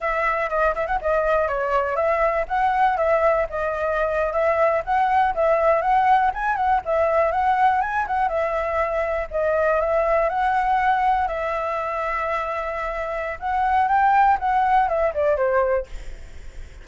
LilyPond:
\new Staff \with { instrumentName = "flute" } { \time 4/4 \tempo 4 = 121 e''4 dis''8 e''16 fis''16 dis''4 cis''4 | e''4 fis''4 e''4 dis''4~ | dis''8. e''4 fis''4 e''4 fis''16~ | fis''8. gis''8 fis''8 e''4 fis''4 gis''16~ |
gis''16 fis''8 e''2 dis''4 e''16~ | e''8. fis''2 e''4~ e''16~ | e''2. fis''4 | g''4 fis''4 e''8 d''8 c''4 | }